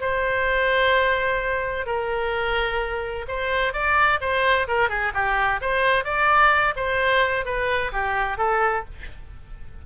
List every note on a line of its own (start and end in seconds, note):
0.00 1.86 C5
1.86 3.25 A#4
3.28 3.73 C5
3.73 4.19 D5
4.20 4.67 C5
4.67 4.89 A#4
4.89 5.12 G#4
5.13 5.60 G4
5.61 6.04 C5
6.04 6.74 D5
6.76 7.45 C5
7.45 7.91 B4
7.92 8.37 G4
8.37 8.84 A4